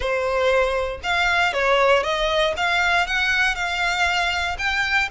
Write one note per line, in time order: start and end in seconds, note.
0.00 1.00 C5
1.03 1.53 F5
1.53 2.03 C#5
2.03 2.54 D#5
2.57 3.06 F5
3.06 3.55 F#5
3.55 4.56 F5
4.58 5.09 G5